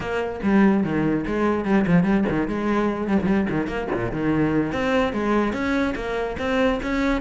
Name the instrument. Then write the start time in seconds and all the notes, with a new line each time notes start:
cello
0.00 A#3
0.42 G3
0.83 D#3
1.26 G#3
1.64 G3
1.86 F3
2.03 G3
2.29 D#3
2.48 G#3
3.07 G3
3.22 F3 G3
3.50 D#3
3.67 A#3
3.93 A#2
4.11 D#3
4.72 C4
5.12 G#3
5.52 C#4
5.95 A#3
6.38 C4
6.83 C#4